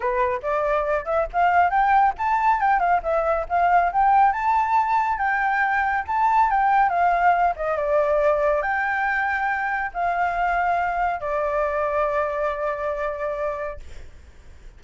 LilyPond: \new Staff \with { instrumentName = "flute" } { \time 4/4 \tempo 4 = 139 b'4 d''4. e''8 f''4 | g''4 a''4 g''8 f''8 e''4 | f''4 g''4 a''2 | g''2 a''4 g''4 |
f''4. dis''8 d''2 | g''2. f''4~ | f''2 d''2~ | d''1 | }